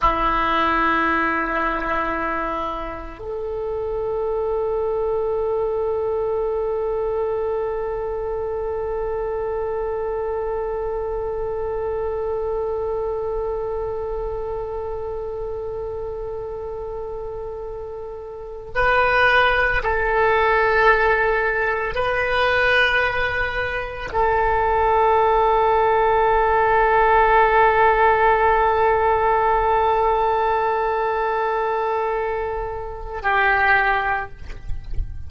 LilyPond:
\new Staff \with { instrumentName = "oboe" } { \time 4/4 \tempo 4 = 56 e'2. a'4~ | a'1~ | a'1~ | a'1~ |
a'4. b'4 a'4.~ | a'8 b'2 a'4.~ | a'1~ | a'2. g'4 | }